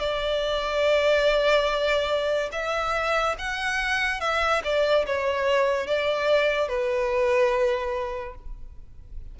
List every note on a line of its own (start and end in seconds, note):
0.00 2.50 D5
2.53 3.36 E5
3.39 4.21 F#5
4.21 4.62 E5
4.64 5.06 D5
5.06 5.87 C#5
5.87 6.69 D5
6.69 8.35 B4